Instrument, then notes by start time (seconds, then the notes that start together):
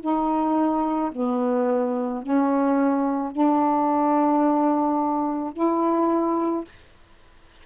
saxophone
0.00 D#4
1.11 B3
2.23 C#4
3.32 D4
5.53 E4